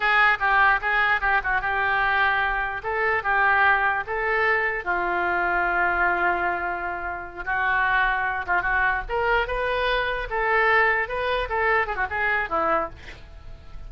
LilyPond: \new Staff \with { instrumentName = "oboe" } { \time 4/4 \tempo 4 = 149 gis'4 g'4 gis'4 g'8 fis'8 | g'2. a'4 | g'2 a'2 | f'1~ |
f'2~ f'8 fis'4.~ | fis'4 f'8 fis'4 ais'4 b'8~ | b'4. a'2 b'8~ | b'8 a'4 gis'16 fis'16 gis'4 e'4 | }